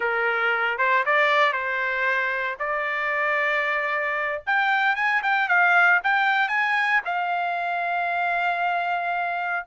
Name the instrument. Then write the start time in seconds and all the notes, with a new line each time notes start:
trumpet
0.00 A#4
0.78 C5
1.05 D5
1.52 C5
2.59 D5
4.46 G5
4.95 G#5
5.22 G5
5.48 F5
6.03 G5
6.48 G#5
7.05 F5